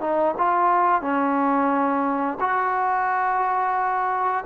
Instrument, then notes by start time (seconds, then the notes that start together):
trombone
0.00 D#4
0.37 F4
1.01 C#4
2.40 F#4